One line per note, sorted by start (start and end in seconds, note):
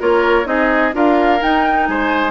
0.00 0.45 A#3
0.00 0.45 F4
0.00 0.47 A#4
0.00 0.47 C#5
0.45 0.92 C4
0.45 0.92 D#4
0.45 0.95 G#4
0.45 0.94 D#5
0.92 1.41 D4
0.92 1.39 F4
0.92 1.88 A#4
0.92 1.42 F5
1.40 2.31 D#4
1.40 1.88 D#4
1.40 1.86 G5
1.86 2.31 G#3
1.86 2.31 C5
1.86 2.31 G#5